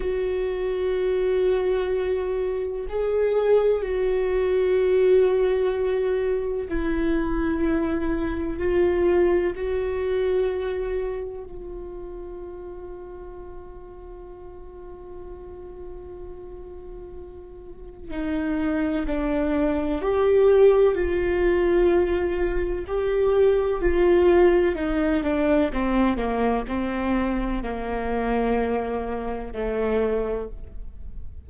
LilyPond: \new Staff \with { instrumentName = "viola" } { \time 4/4 \tempo 4 = 63 fis'2. gis'4 | fis'2. e'4~ | e'4 f'4 fis'2 | f'1~ |
f'2. dis'4 | d'4 g'4 f'2 | g'4 f'4 dis'8 d'8 c'8 ais8 | c'4 ais2 a4 | }